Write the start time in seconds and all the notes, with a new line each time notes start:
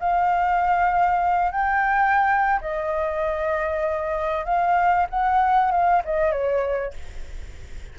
0.00 F5
1.52 G5
2.61 D#5
4.45 F5
5.10 F#5
5.72 F5
6.05 D#5
6.32 C#5